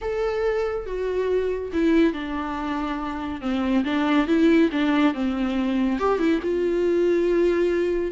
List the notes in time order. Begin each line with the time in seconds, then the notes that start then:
0.01 A4
0.86 F#4
1.72 E4
2.13 D4
3.41 C4
3.84 D4
4.27 E4
4.72 D4
5.14 C4
5.99 G4
6.18 E4
6.42 F4